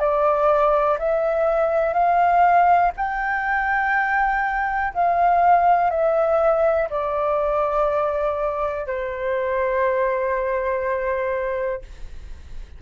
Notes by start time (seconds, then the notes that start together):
0.00 D5
0.99 E5
1.94 F5
2.97 G5
4.94 F5
5.91 E5
6.90 D5
8.87 C5